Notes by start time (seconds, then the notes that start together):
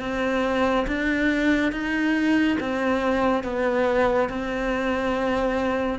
0.00 C4
0.87 D4
1.72 D#4
2.60 C4
3.44 B3
4.29 C4